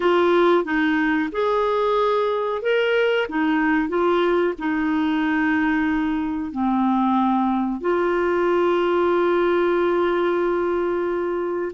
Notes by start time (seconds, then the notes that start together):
0.00 F4
0.64 D#4
1.32 G#4
2.61 A#4
3.28 D#4
3.88 F4
4.58 D#4
6.51 C4
7.81 F4